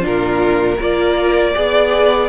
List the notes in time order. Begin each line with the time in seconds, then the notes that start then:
0.00 A#2 D4 F4 A#4
0.78 A#3 F4 A#4 D5
1.54 B3 G#4 D5